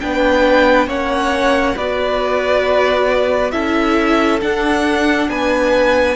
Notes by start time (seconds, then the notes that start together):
0.00 B3 D4 B4 G5
0.87 A#3 C#4 C#5 F#5
1.75 B3 F#4 B4 D5
3.51 C#4 E4 A4 E5
4.41 D4 F#5
5.29 B3 B4 G#5